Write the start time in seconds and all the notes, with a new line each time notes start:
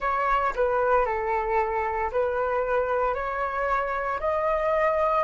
0.00 C#5
0.55 B4
1.05 A4
2.11 B4
3.14 C#5
4.20 D#5